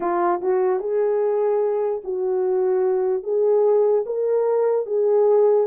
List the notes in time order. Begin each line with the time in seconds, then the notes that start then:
0.00 F4
0.41 F#4
0.79 G#4
2.03 F#4
3.23 G#4
4.05 A#4
4.86 G#4